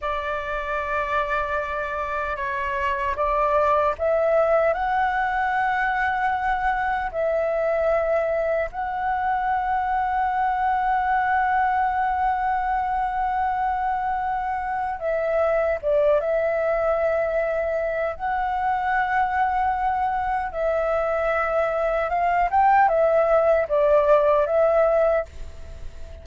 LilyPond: \new Staff \with { instrumentName = "flute" } { \time 4/4 \tempo 4 = 76 d''2. cis''4 | d''4 e''4 fis''2~ | fis''4 e''2 fis''4~ | fis''1~ |
fis''2. e''4 | d''8 e''2~ e''8 fis''4~ | fis''2 e''2 | f''8 g''8 e''4 d''4 e''4 | }